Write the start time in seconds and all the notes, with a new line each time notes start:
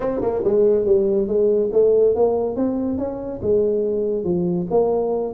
0.00 C4
0.21 A#3
0.44 G#3
0.85 G3
1.27 G#3
1.72 A3
2.15 A#3
2.56 C4
2.97 C#4
3.42 G#3
4.24 F3
4.70 A#3